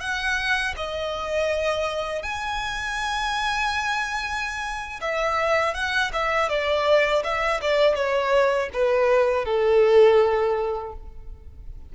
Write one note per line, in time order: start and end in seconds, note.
0.00 0.74 F#5
0.77 2.22 D#5
2.22 5.00 G#5
5.01 5.74 E5
5.74 6.11 F#5
6.13 6.49 E5
6.49 7.23 D5
7.24 7.61 E5
7.61 7.95 D5
7.95 8.69 C#5
8.73 9.45 B4
9.45 10.93 A4